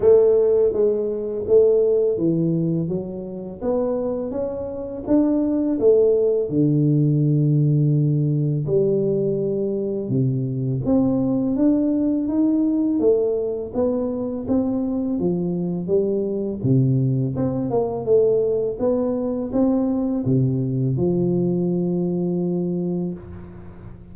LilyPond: \new Staff \with { instrumentName = "tuba" } { \time 4/4 \tempo 4 = 83 a4 gis4 a4 e4 | fis4 b4 cis'4 d'4 | a4 d2. | g2 c4 c'4 |
d'4 dis'4 a4 b4 | c'4 f4 g4 c4 | c'8 ais8 a4 b4 c'4 | c4 f2. | }